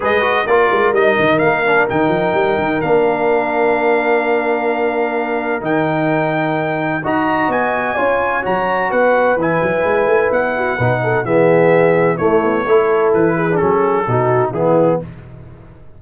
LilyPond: <<
  \new Staff \with { instrumentName = "trumpet" } { \time 4/4 \tempo 4 = 128 dis''4 d''4 dis''4 f''4 | g''2 f''2~ | f''1 | g''2. ais''4 |
gis''2 ais''4 fis''4 | gis''2 fis''2 | e''2 cis''2 | b'4 a'2 gis'4 | }
  \new Staff \with { instrumentName = "horn" } { \time 4/4 b'4 ais'2.~ | ais'1~ | ais'1~ | ais'2. dis''4~ |
dis''4 cis''2 b'4~ | b'2~ b'8 fis'8 b'8 a'8 | gis'2 e'4 a'4~ | a'8 gis'4. fis'4 e'4 | }
  \new Staff \with { instrumentName = "trombone" } { \time 4/4 gis'8 fis'8 f'4 dis'4. d'8 | dis'2 d'2~ | d'1 | dis'2. fis'4~ |
fis'4 f'4 fis'2 | e'2. dis'4 | b2 a4 e'4~ | e'8. d'16 cis'4 dis'4 b4 | }
  \new Staff \with { instrumentName = "tuba" } { \time 4/4 gis4 ais8 gis8 g8 dis8 ais4 | dis8 f8 g8 dis8 ais2~ | ais1 | dis2. dis'4 |
b4 cis'4 fis4 b4 | e8 fis8 gis8 a8 b4 b,4 | e2 a8 b8 a4 | e4 fis4 b,4 e4 | }
>>